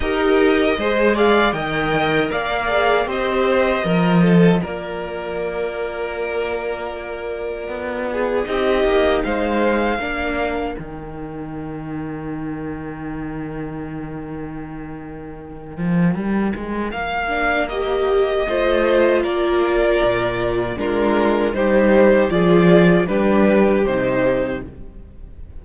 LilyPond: <<
  \new Staff \with { instrumentName = "violin" } { \time 4/4 \tempo 4 = 78 dis''4. f''8 g''4 f''4 | dis''2 d''2~ | d''2. dis''4 | f''2 g''2~ |
g''1~ | g''2 f''4 dis''4~ | dis''4 d''2 ais'4 | c''4 d''4 b'4 c''4 | }
  \new Staff \with { instrumentName = "violin" } { \time 4/4 ais'4 c''8 d''8 dis''4 d''4 | c''4 ais'8 a'8 ais'2~ | ais'2~ ais'8 gis'8 g'4 | c''4 ais'2.~ |
ais'1~ | ais'1 | c''4 ais'2 f'4 | g'4 gis'4 g'2 | }
  \new Staff \with { instrumentName = "viola" } { \time 4/4 g'4 gis'4 ais'4. gis'8 | g'4 f'2.~ | f'2. dis'4~ | dis'4 d'4 dis'2~ |
dis'1~ | dis'2~ dis'8 d'8 g'4 | f'2. d'4 | dis'4 f'4 d'4 dis'4 | }
  \new Staff \with { instrumentName = "cello" } { \time 4/4 dis'4 gis4 dis4 ais4 | c'4 f4 ais2~ | ais2 b4 c'8 ais8 | gis4 ais4 dis2~ |
dis1~ | dis8 f8 g8 gis8 ais2 | a4 ais4 ais,4 gis4 | g4 f4 g4 c4 | }
>>